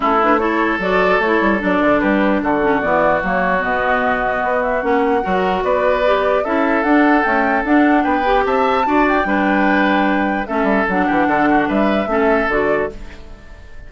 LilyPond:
<<
  \new Staff \with { instrumentName = "flute" } { \time 4/4 \tempo 4 = 149 a'8 b'8 cis''4 d''4 cis''4 | d''4 b'4 a'4 d''4 | cis''4 dis''2~ dis''8 e''8 | fis''2 d''2 |
e''4 fis''4 g''4 fis''4 | g''4 a''4. g''4.~ | g''2 e''4 fis''4~ | fis''4 e''2 d''4 | }
  \new Staff \with { instrumentName = "oboe" } { \time 4/4 e'4 a'2.~ | a'4 g'4 fis'2~ | fis'1~ | fis'4 ais'4 b'2 |
a'1 | b'4 e''4 d''4 b'4~ | b'2 a'4. g'8 | a'8 fis'8 b'4 a'2 | }
  \new Staff \with { instrumentName = "clarinet" } { \time 4/4 cis'8 d'8 e'4 fis'4 e'4 | d'2~ d'8 cis'8 b4 | ais4 b2. | cis'4 fis'2 g'4 |
e'4 d'4 a4 d'4~ | d'8 g'4. fis'4 d'4~ | d'2 cis'4 d'4~ | d'2 cis'4 fis'4 | }
  \new Staff \with { instrumentName = "bassoon" } { \time 4/4 a2 fis4 a8 g8 | fis8 d8 g4 d4 e4 | fis4 b,2 b4 | ais4 fis4 b2 |
cis'4 d'4 cis'4 d'4 | b4 c'4 d'4 g4~ | g2 a8 g8 fis8 e8 | d4 g4 a4 d4 | }
>>